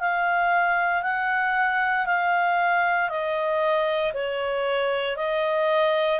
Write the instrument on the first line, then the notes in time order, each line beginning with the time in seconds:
clarinet
0.00 F5
1.03 F#5
2.06 F5
3.09 D#5
4.14 C#5
5.16 D#5